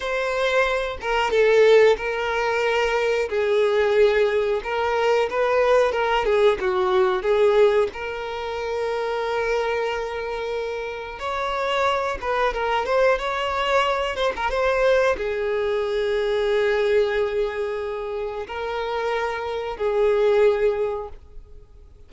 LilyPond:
\new Staff \with { instrumentName = "violin" } { \time 4/4 \tempo 4 = 91 c''4. ais'8 a'4 ais'4~ | ais'4 gis'2 ais'4 | b'4 ais'8 gis'8 fis'4 gis'4 | ais'1~ |
ais'4 cis''4. b'8 ais'8 c''8 | cis''4. c''16 ais'16 c''4 gis'4~ | gis'1 | ais'2 gis'2 | }